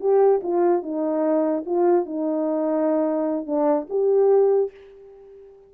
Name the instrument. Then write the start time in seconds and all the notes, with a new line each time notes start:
horn
0.00 G4
0.43 F4
0.83 D#4
1.66 F4
2.06 D#4
3.46 D4
3.89 G4